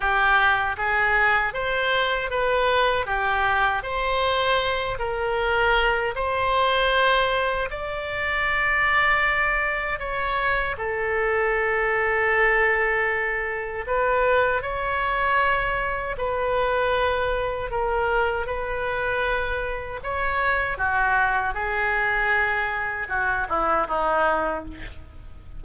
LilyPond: \new Staff \with { instrumentName = "oboe" } { \time 4/4 \tempo 4 = 78 g'4 gis'4 c''4 b'4 | g'4 c''4. ais'4. | c''2 d''2~ | d''4 cis''4 a'2~ |
a'2 b'4 cis''4~ | cis''4 b'2 ais'4 | b'2 cis''4 fis'4 | gis'2 fis'8 e'8 dis'4 | }